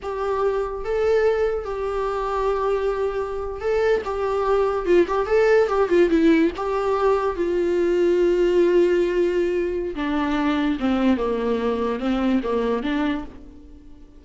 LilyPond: \new Staff \with { instrumentName = "viola" } { \time 4/4 \tempo 4 = 145 g'2 a'2 | g'1~ | g'8. a'4 g'2 f'16~ | f'16 g'8 a'4 g'8 f'8 e'4 g'16~ |
g'4.~ g'16 f'2~ f'16~ | f'1 | d'2 c'4 ais4~ | ais4 c'4 ais4 d'4 | }